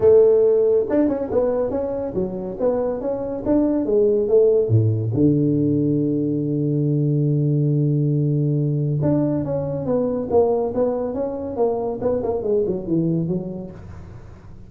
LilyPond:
\new Staff \with { instrumentName = "tuba" } { \time 4/4 \tempo 4 = 140 a2 d'8 cis'8 b4 | cis'4 fis4 b4 cis'4 | d'4 gis4 a4 a,4 | d1~ |
d1~ | d4 d'4 cis'4 b4 | ais4 b4 cis'4 ais4 | b8 ais8 gis8 fis8 e4 fis4 | }